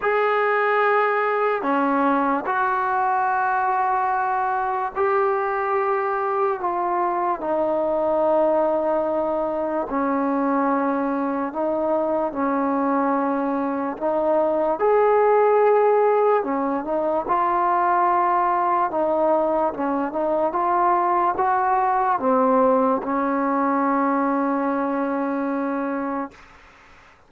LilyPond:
\new Staff \with { instrumentName = "trombone" } { \time 4/4 \tempo 4 = 73 gis'2 cis'4 fis'4~ | fis'2 g'2 | f'4 dis'2. | cis'2 dis'4 cis'4~ |
cis'4 dis'4 gis'2 | cis'8 dis'8 f'2 dis'4 | cis'8 dis'8 f'4 fis'4 c'4 | cis'1 | }